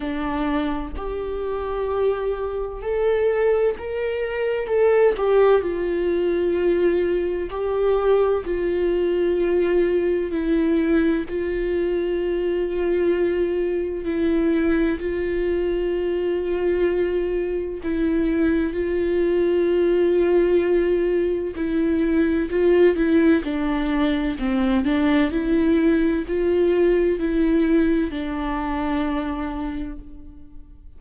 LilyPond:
\new Staff \with { instrumentName = "viola" } { \time 4/4 \tempo 4 = 64 d'4 g'2 a'4 | ais'4 a'8 g'8 f'2 | g'4 f'2 e'4 | f'2. e'4 |
f'2. e'4 | f'2. e'4 | f'8 e'8 d'4 c'8 d'8 e'4 | f'4 e'4 d'2 | }